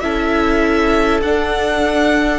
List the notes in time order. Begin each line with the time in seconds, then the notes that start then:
0.00 C#4 E4 A4 E5
1.22 D4 F#5